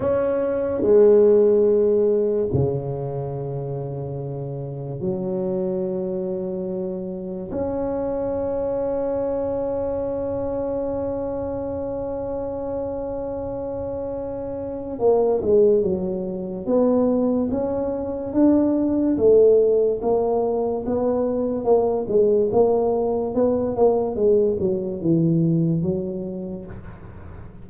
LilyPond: \new Staff \with { instrumentName = "tuba" } { \time 4/4 \tempo 4 = 72 cis'4 gis2 cis4~ | cis2 fis2~ | fis4 cis'2.~ | cis'1~ |
cis'2 ais8 gis8 fis4 | b4 cis'4 d'4 a4 | ais4 b4 ais8 gis8 ais4 | b8 ais8 gis8 fis8 e4 fis4 | }